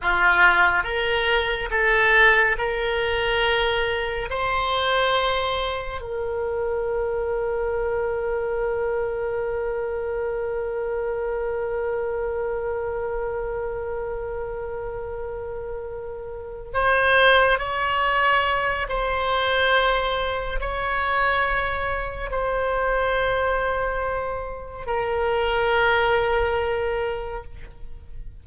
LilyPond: \new Staff \with { instrumentName = "oboe" } { \time 4/4 \tempo 4 = 70 f'4 ais'4 a'4 ais'4~ | ais'4 c''2 ais'4~ | ais'1~ | ais'1~ |
ais'2.~ ais'8 c''8~ | c''8 cis''4. c''2 | cis''2 c''2~ | c''4 ais'2. | }